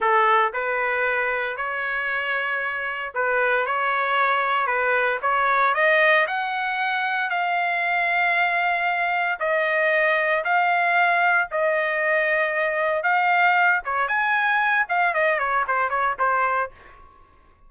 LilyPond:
\new Staff \with { instrumentName = "trumpet" } { \time 4/4 \tempo 4 = 115 a'4 b'2 cis''4~ | cis''2 b'4 cis''4~ | cis''4 b'4 cis''4 dis''4 | fis''2 f''2~ |
f''2 dis''2 | f''2 dis''2~ | dis''4 f''4. cis''8 gis''4~ | gis''8 f''8 dis''8 cis''8 c''8 cis''8 c''4 | }